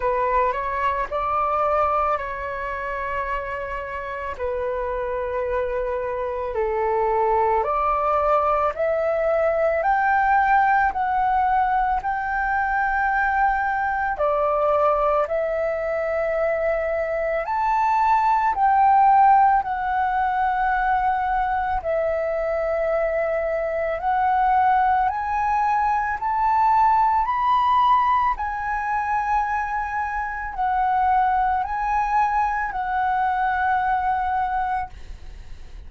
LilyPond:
\new Staff \with { instrumentName = "flute" } { \time 4/4 \tempo 4 = 55 b'8 cis''8 d''4 cis''2 | b'2 a'4 d''4 | e''4 g''4 fis''4 g''4~ | g''4 d''4 e''2 |
a''4 g''4 fis''2 | e''2 fis''4 gis''4 | a''4 b''4 gis''2 | fis''4 gis''4 fis''2 | }